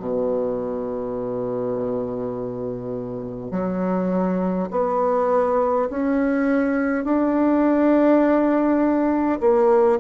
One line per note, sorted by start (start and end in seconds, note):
0.00 3.51 B2
3.51 4.69 F#3
4.72 5.89 B3
5.90 7.05 C#4
7.05 9.40 D4
9.41 9.99 A#3